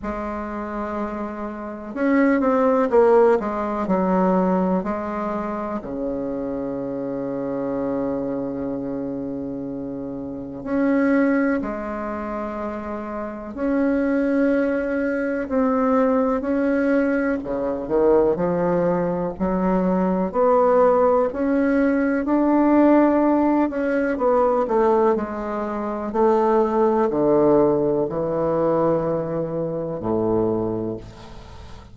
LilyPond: \new Staff \with { instrumentName = "bassoon" } { \time 4/4 \tempo 4 = 62 gis2 cis'8 c'8 ais8 gis8 | fis4 gis4 cis2~ | cis2. cis'4 | gis2 cis'2 |
c'4 cis'4 cis8 dis8 f4 | fis4 b4 cis'4 d'4~ | d'8 cis'8 b8 a8 gis4 a4 | d4 e2 a,4 | }